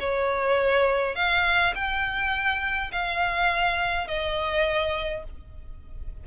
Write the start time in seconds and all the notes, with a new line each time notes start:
0.00 C#5
1.16 F5
1.75 G5
2.92 F5
4.08 D#5